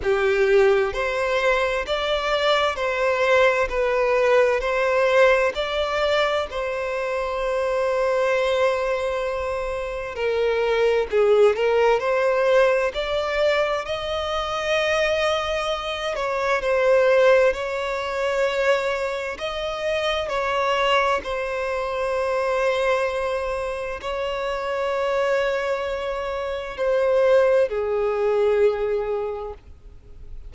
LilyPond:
\new Staff \with { instrumentName = "violin" } { \time 4/4 \tempo 4 = 65 g'4 c''4 d''4 c''4 | b'4 c''4 d''4 c''4~ | c''2. ais'4 | gis'8 ais'8 c''4 d''4 dis''4~ |
dis''4. cis''8 c''4 cis''4~ | cis''4 dis''4 cis''4 c''4~ | c''2 cis''2~ | cis''4 c''4 gis'2 | }